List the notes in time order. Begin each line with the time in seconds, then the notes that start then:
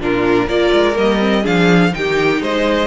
0.00 A#2 D4 F4 A#4
0.47 A#3 F4 A#4 D5
0.73 G#3
0.94 G3 A#3 D#5
1.19 C4
1.42 F3 D4 G#4 F5
1.92 D#3 D#4 G4 G5
2.42 G#3 C5 D#5